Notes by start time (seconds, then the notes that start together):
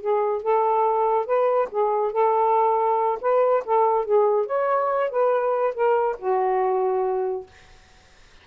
0.00 G#4
0.42 A4
1.26 B4
1.71 G#4
2.12 A4
3.20 B4
3.64 A4
4.04 G#4
4.46 C#5
5.10 B4
5.73 A#4
6.18 F#4